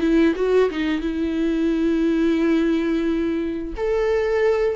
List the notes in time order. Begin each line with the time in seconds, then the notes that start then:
0.00 E4
0.36 F#4
0.70 D#4
1.01 E4
3.77 A4